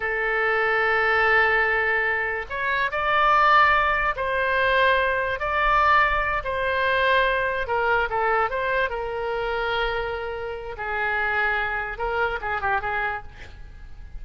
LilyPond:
\new Staff \with { instrumentName = "oboe" } { \time 4/4 \tempo 4 = 145 a'1~ | a'2 cis''4 d''4~ | d''2 c''2~ | c''4 d''2~ d''8 c''8~ |
c''2~ c''8 ais'4 a'8~ | a'8 c''4 ais'2~ ais'8~ | ais'2 gis'2~ | gis'4 ais'4 gis'8 g'8 gis'4 | }